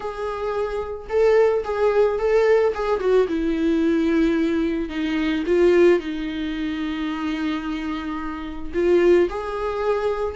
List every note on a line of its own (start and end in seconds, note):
0.00 1.07 G#4
1.09 1.63 A4
1.64 2.18 G#4
2.18 2.73 A4
2.74 3.00 G#4
3.00 3.27 F#4
3.28 4.89 E4
4.89 5.43 D#4
5.46 5.99 F4
5.99 8.72 D#4
8.73 9.28 F4
9.29 10.35 G#4